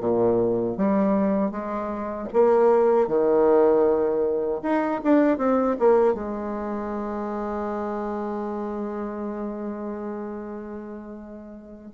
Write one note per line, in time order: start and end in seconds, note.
0.00 0.77 A#2
0.77 1.51 G3
1.51 2.28 G#3
2.33 3.08 A#3
3.08 4.62 D#3
4.62 5.01 D#4
5.03 5.38 D4
5.38 5.76 C4
5.79 6.14 A#3
6.14 11.91 G#3